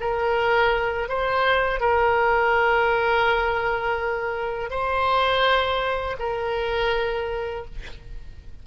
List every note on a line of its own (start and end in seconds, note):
0.00 1.08 A#4
1.08 1.80 C5
1.80 4.70 A#4
4.70 6.16 C5
6.19 7.65 A#4